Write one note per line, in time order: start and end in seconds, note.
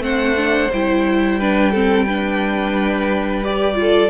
0.00 0.68 A3
0.00 0.36 C4
0.00 1.40 C5
0.00 0.72 F#5
0.37 0.71 D4
0.73 4.11 G3
0.73 1.41 E4
0.73 3.45 G5
1.40 1.74 D4
1.40 1.71 B4
1.71 2.08 C4
1.71 2.06 A4
2.06 3.45 D4
2.06 3.76 B4
3.45 3.75 G4
3.45 4.11 D5
3.75 4.09 F4
3.81 4.11 A4